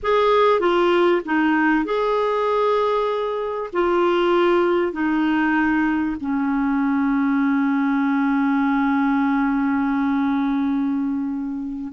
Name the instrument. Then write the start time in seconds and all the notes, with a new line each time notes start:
clarinet
0.02 G#4
0.59 F4
1.25 D#4
1.84 G#4
3.73 F4
4.92 D#4
6.20 C#4